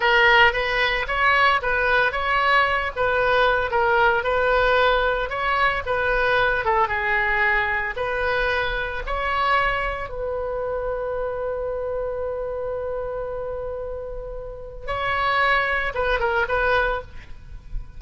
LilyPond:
\new Staff \with { instrumentName = "oboe" } { \time 4/4 \tempo 4 = 113 ais'4 b'4 cis''4 b'4 | cis''4. b'4. ais'4 | b'2 cis''4 b'4~ | b'8 a'8 gis'2 b'4~ |
b'4 cis''2 b'4~ | b'1~ | b'1 | cis''2 b'8 ais'8 b'4 | }